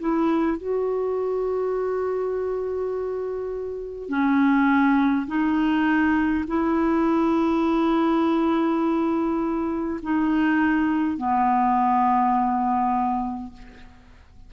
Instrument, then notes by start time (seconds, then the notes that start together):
clarinet
0.00 E4
0.58 F#4
4.09 C#4
5.27 D#4
6.48 E4
10.03 D#4
11.18 B3